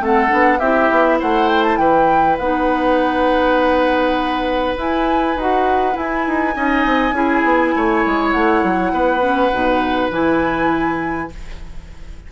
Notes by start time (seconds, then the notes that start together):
0.00 A3 C4 A4 F#5
0.28 B3 D4
0.59 C4 E4 G4 E5
0.90 B3
1.19 A3 C5 F#5
1.48 G5
1.63 A5
1.77 E3 B4 G5
2.38 B3 D#4 F#5
4.76 E4 G#5
5.36 D#4 F#4 F#5
5.93 E4 G#5
6.27 D#4
6.54 C#4 D#4 D#5
6.86 C4
7.12 C#4 E4 G#4
7.44 B3
7.76 A3 C#5
8.06 G#3
8.31 A3 F#5
8.63 F#3
8.92 B3 B4
9.20 C#4
9.53 B2 D#4
10.10 E3 E4 G#5